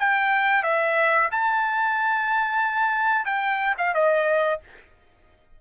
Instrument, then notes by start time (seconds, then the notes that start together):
trumpet
0.00 G5
0.64 E5
1.32 A5
3.26 G5
3.79 F5
3.95 D#5